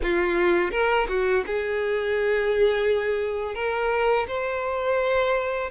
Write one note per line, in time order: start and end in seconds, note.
0.02 0.71 F4
0.71 1.07 A#4
1.08 1.44 F#4
1.46 3.55 G#4
3.55 4.26 A#4
4.27 5.70 C5